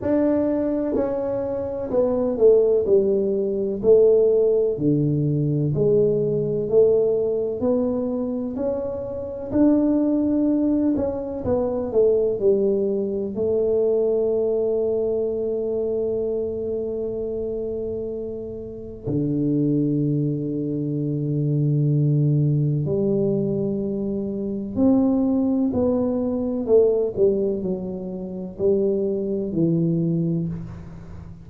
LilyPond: \new Staff \with { instrumentName = "tuba" } { \time 4/4 \tempo 4 = 63 d'4 cis'4 b8 a8 g4 | a4 d4 gis4 a4 | b4 cis'4 d'4. cis'8 | b8 a8 g4 a2~ |
a1 | d1 | g2 c'4 b4 | a8 g8 fis4 g4 e4 | }